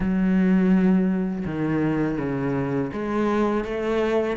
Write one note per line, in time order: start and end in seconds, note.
0.00 1.44 F#3
1.45 2.18 D#3
2.18 2.91 C#3
2.92 3.64 G#3
3.64 4.36 A3